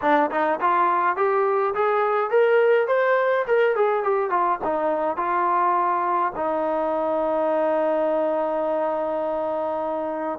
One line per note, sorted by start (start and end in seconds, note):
0.01 0.30 D4
0.30 0.59 D#4
0.60 1.16 F4
1.16 1.74 G4
1.74 2.30 G#4
2.30 2.87 A#4
2.87 3.45 C5
3.47 3.75 A#4
3.75 4.03 G#4
4.03 4.30 G4
4.30 4.59 F4
4.64 5.17 D#4
5.17 6.32 F4
6.35 10.39 D#4